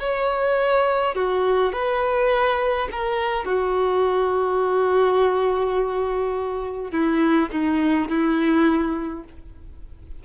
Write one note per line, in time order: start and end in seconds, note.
0.00 1.15 C#5
1.15 1.73 F#4
1.73 2.88 B4
2.92 3.45 A#4
3.45 6.91 F#4
6.91 7.49 E4
7.51 8.08 D#4
8.08 9.24 E4